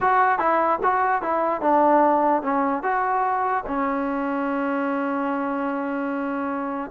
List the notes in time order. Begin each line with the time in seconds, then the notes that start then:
0.01 F#4
0.38 E4
0.83 F#4
1.22 E4
1.61 D4
2.42 C#4
2.82 F#4
3.67 C#4